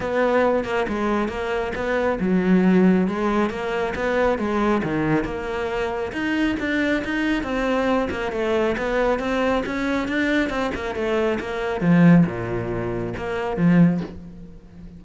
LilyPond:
\new Staff \with { instrumentName = "cello" } { \time 4/4 \tempo 4 = 137 b4. ais8 gis4 ais4 | b4 fis2 gis4 | ais4 b4 gis4 dis4 | ais2 dis'4 d'4 |
dis'4 c'4. ais8 a4 | b4 c'4 cis'4 d'4 | c'8 ais8 a4 ais4 f4 | ais,2 ais4 f4 | }